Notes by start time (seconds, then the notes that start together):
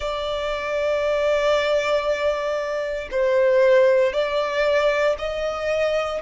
0.00 D5
3.11 C5
4.12 D5
5.18 D#5